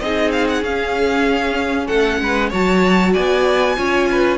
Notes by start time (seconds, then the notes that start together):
0.00 C4 D#4 G#4 D#5
0.32 F5
0.48 F#5
0.62 C#4 F5
1.87 A3 A4 F#5
2.21 G#3 B4
2.50 F#3 F#4 C#5 A5
3.13 B3 D5 G#5
3.77 C#4 F4 C#5
4.11 B4